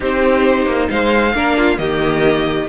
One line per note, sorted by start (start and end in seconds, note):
0.00 0.66 C4
0.00 1.33 D#4
0.00 0.85 G4
0.00 0.90 C5
0.66 0.88 A#3
0.90 1.34 G#3
0.90 1.35 C5
0.90 1.78 F5
1.34 1.78 A#3
1.34 1.77 D4
1.34 1.57 A#4
1.57 1.79 F4
1.77 2.68 D#3
1.77 2.66 A#3
1.77 2.68 G4
1.77 2.67 D#5